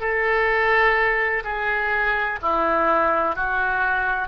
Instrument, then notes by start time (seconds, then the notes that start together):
oboe
0.00 A4
1.44 G#4
2.42 E4
3.35 F#4